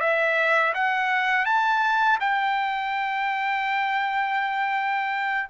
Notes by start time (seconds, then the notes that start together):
0.00 E5
0.74 F#5
1.45 A5
2.20 G5